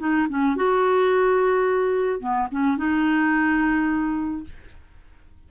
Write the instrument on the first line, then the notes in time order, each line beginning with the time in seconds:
clarinet
0.00 D#4
0.30 C#4
0.56 F#4
2.20 B3
2.52 C#4
2.78 D#4